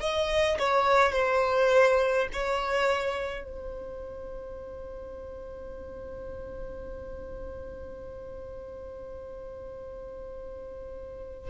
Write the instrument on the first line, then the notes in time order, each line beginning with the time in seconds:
violin
0.00 D#5
0.59 C#5
1.12 C5
2.33 C#5
3.44 C5